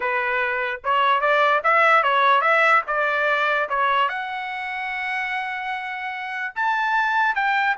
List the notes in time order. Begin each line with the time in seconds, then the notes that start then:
0.00 B4
0.84 C#5
1.20 D5
1.63 E5
2.03 C#5
2.41 E5
2.87 D5
3.69 C#5
4.09 F#5
6.55 A5
7.35 G5